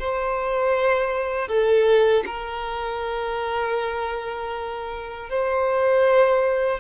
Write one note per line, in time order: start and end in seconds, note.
0.00 1.48 C5
1.48 2.24 A4
2.26 5.30 A#4
5.30 6.80 C5